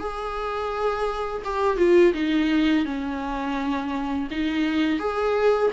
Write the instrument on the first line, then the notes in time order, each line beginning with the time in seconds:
viola
0.00 G#4
1.44 G4
1.78 F4
2.14 D#4
2.85 C#4
4.31 D#4
4.99 G#4